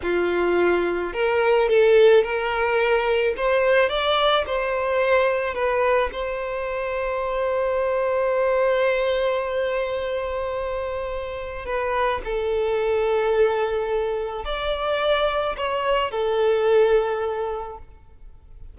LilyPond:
\new Staff \with { instrumentName = "violin" } { \time 4/4 \tempo 4 = 108 f'2 ais'4 a'4 | ais'2 c''4 d''4 | c''2 b'4 c''4~ | c''1~ |
c''1~ | c''4 b'4 a'2~ | a'2 d''2 | cis''4 a'2. | }